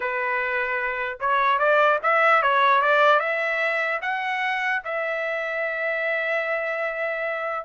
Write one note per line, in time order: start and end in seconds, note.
0.00 1.18 B4
1.20 1.58 C#5
1.58 1.99 D5
2.03 2.42 E5
2.42 2.81 C#5
2.81 3.19 D5
3.19 4.00 E5
4.01 4.82 F#5
4.84 7.65 E5